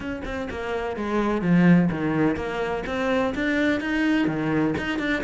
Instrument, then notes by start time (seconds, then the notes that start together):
cello
0.00 C#4
0.24 C4
0.50 A#3
0.96 G#3
1.41 F3
1.90 D#3
2.36 A#3
2.86 C4
3.34 D4
3.80 D#4
4.27 D#3
4.77 D#4
4.98 D4